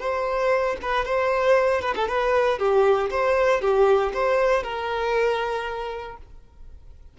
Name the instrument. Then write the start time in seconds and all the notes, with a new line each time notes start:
violin
0.00 C5
0.83 B4
1.06 C5
1.82 B4
1.96 A4
2.08 B4
2.59 G4
3.11 C5
3.62 G4
4.14 C5
4.64 A#4